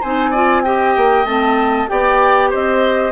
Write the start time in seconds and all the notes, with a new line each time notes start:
0.00 C4 D#4 C5 G#5
0.30 F4 D5
0.63 G4 D#5 G5
0.96 A#3
1.25 A3 C4 A5
1.88 B3 G4 D5 G5
2.50 C4 C5 D#5